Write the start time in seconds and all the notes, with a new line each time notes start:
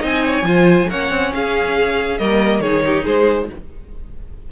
0.00 C4 D#4 D#5
0.06 G#5
0.27 C#5
0.43 F3 F4 C5
0.90 A#3 C#4 C#5 F#5
1.10 C4
1.34 C#4 G#4 F5
2.18 G3 A#3 A#4 D#5
2.60 D#3 D#4 G#4 C#5
2.86 G4
3.04 G#3 G#4 C5